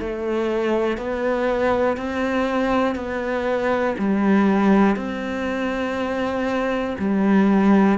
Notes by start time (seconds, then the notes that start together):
0.00 A3
0.98 B3
1.98 C4
2.95 B3
3.99 G3
4.96 C4
6.99 G3